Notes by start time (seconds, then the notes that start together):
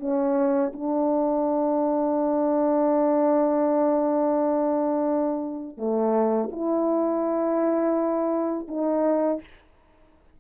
0.00 C#4
0.73 D4
5.77 A3
6.52 E4
8.68 D#4